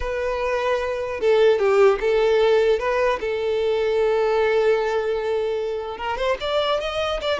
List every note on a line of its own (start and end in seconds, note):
0.00 1.20 B4
1.20 1.58 A4
1.58 1.98 G4
2.00 2.79 A4
2.79 3.19 B4
3.20 5.97 A4
5.97 6.17 A#4
6.17 6.37 C5
6.40 6.80 D5
6.80 7.20 D#5
7.21 7.39 D5